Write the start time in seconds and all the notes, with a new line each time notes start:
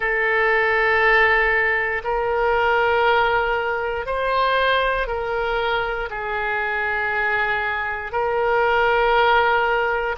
0.00 A4
2.03 A#4
4.06 C5
5.07 A#4
6.10 G#4
8.12 A#4